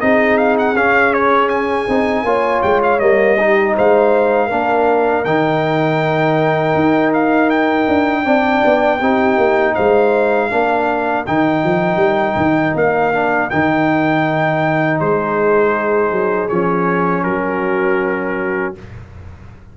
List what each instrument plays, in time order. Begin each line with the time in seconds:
0.00 tuba C4, trombone D#4, horn G#4, trumpet D#5
0.37 trumpet F5
0.58 trumpet F#5
0.74 tuba C#4, trombone C#4, trumpet F5
1.13 trumpet C#5
1.49 trumpet G#5
1.88 tuba C4, trombone D#4
2.23 tuba A#3, trombone F4, horn C#5
2.62 tuba G#3, trumpet G5
2.83 trumpet F5
2.99 tuba G3, trombone A#3, trumpet D#5
3.38 trombone D#4, horn G4
3.75 tuba G#3, horn C5, trumpet F5
4.46 tuba A#3, trombone D4, horn A#4
5.25 tuba D#3, trombone D#4, trumpet G5
6.74 tuba D#4
7.13 trumpet F5
7.50 trumpet G5
7.88 tuba D4
8.23 tuba C4, trombone D4, horn D5
8.65 tuba B3
8.99 tuba C4, trombone D#4, horn G4
9.37 tuba A#3
9.75 tuba G#3, horn C5, trumpet F5
10.50 tuba A#3, trombone D4, horn A#4
11.26 tuba D#3, trombone D#4, trumpet G5
11.64 tuba F3
11.96 tuba G3
12.36 tuba D#3
12.75 tuba A#3, trumpet F5
13.13 trombone D4
13.50 tuba D#3, trombone D#4, trumpet G5
15.00 tuba G#3, horn G#4, trumpet C5
16.11 tuba F#3
16.49 tuba F3, trombone C#4, trumpet C#5
17.23 tuba F#3, horn F#4, trumpet A#4